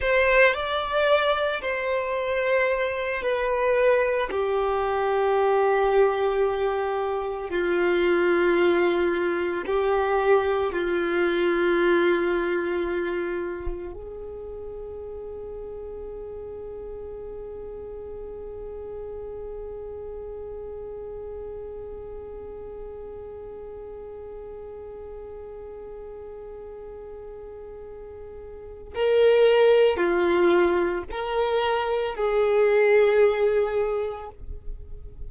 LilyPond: \new Staff \with { instrumentName = "violin" } { \time 4/4 \tempo 4 = 56 c''8 d''4 c''4. b'4 | g'2. f'4~ | f'4 g'4 f'2~ | f'4 gis'2.~ |
gis'1~ | gis'1~ | gis'2. ais'4 | f'4 ais'4 gis'2 | }